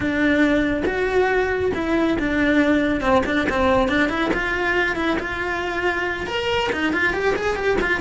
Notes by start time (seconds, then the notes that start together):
0.00 D4
0.85 F#4
1.74 E4
2.18 D4
3.00 C4
3.26 D4
3.49 C4
3.88 D4
4.09 E4
4.33 F4
4.96 E4
5.19 F4
6.26 A#4
6.72 D#4
6.92 F4
7.13 G4
7.35 G#4
7.55 G4
7.81 F4